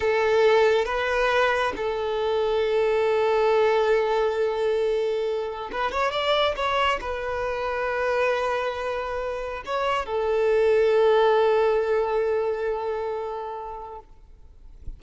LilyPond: \new Staff \with { instrumentName = "violin" } { \time 4/4 \tempo 4 = 137 a'2 b'2 | a'1~ | a'1~ | a'4 b'8 cis''8 d''4 cis''4 |
b'1~ | b'2 cis''4 a'4~ | a'1~ | a'1 | }